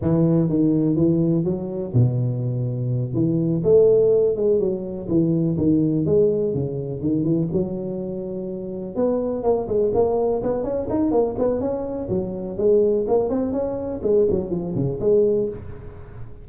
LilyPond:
\new Staff \with { instrumentName = "tuba" } { \time 4/4 \tempo 4 = 124 e4 dis4 e4 fis4 | b,2~ b,8 e4 a8~ | a4 gis8 fis4 e4 dis8~ | dis8 gis4 cis4 dis8 e8 fis8~ |
fis2~ fis8 b4 ais8 | gis8 ais4 b8 cis'8 dis'8 ais8 b8 | cis'4 fis4 gis4 ais8 c'8 | cis'4 gis8 fis8 f8 cis8 gis4 | }